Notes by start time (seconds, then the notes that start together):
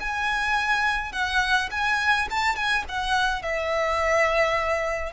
0.00 G#5
1.12 F#5
1.71 G#5
2.31 A5
2.56 G#5
2.89 F#5
3.43 E5